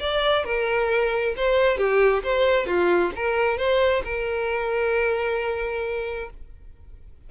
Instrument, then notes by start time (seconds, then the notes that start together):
violin
0.00 D5
0.45 A#4
1.37 C5
1.78 G4
2.23 C5
2.67 F4
3.16 A#4
3.58 C5
4.05 A#4